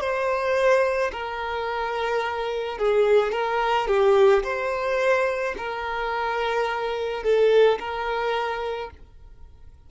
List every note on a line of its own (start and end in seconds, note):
0.00 1.11 C5
1.12 2.78 A#4
2.78 3.32 G#4
3.32 3.87 A#4
3.87 4.43 G4
4.43 5.55 C5
5.57 7.23 A#4
7.23 7.79 A4
7.79 8.90 A#4